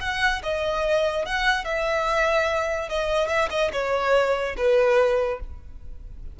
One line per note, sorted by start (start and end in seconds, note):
0.00 0.41 F#5
0.43 1.25 D#5
1.25 1.64 F#5
1.64 2.89 E5
2.89 3.28 D#5
3.28 3.48 E5
3.50 3.71 D#5
3.72 4.55 C#5
4.56 5.39 B4